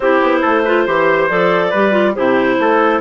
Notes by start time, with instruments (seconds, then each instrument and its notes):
0.00 bassoon C4, clarinet E4 C5, trumpet G4
0.22 bassoon B3
0.41 bassoon A3, trumpet A4
0.64 clarinet F4, trumpet B4
0.86 bassoon E3, clarinet G4, trumpet C5
1.28 bassoon F3, clarinet A4 D5
1.69 bassoon G3, clarinet G4, trumpet B4
1.91 clarinet F4
2.15 bassoon C3, clarinet E4 C5, trumpet G4
2.59 bassoon A3, trumpet A4